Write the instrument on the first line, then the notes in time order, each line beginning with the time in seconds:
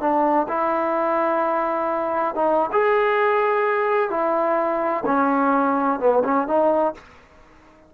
trombone
0.00 D4
0.48 E4
2.35 D#4
2.72 G#4
4.10 E4
5.06 C#4
6.00 B3
6.24 C#4
6.47 D#4